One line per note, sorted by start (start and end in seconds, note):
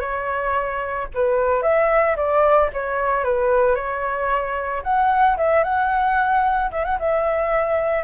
0.00 1.07 C#5
1.14 1.62 B4
1.62 2.16 E5
2.17 2.70 D5
2.73 3.24 C#5
3.24 3.75 B4
3.75 4.82 C#5
4.83 5.37 F#5
5.37 5.64 E5
5.64 6.71 F#5
6.71 6.84 E5
6.84 6.98 F#5
6.99 8.04 E5